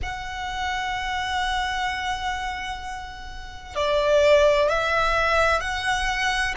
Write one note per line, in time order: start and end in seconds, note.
0.02 3.75 F#5
3.75 4.69 D5
4.69 5.60 E5
5.60 6.54 F#5